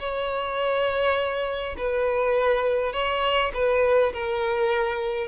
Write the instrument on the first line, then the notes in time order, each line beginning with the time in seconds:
violin
0.00 C#5
1.78 B4
2.93 C#5
3.55 B4
4.14 A#4